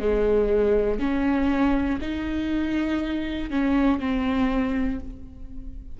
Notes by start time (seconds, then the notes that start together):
0.00 G#3
1.00 C#4
2.01 D#4
3.50 C#4
4.00 C4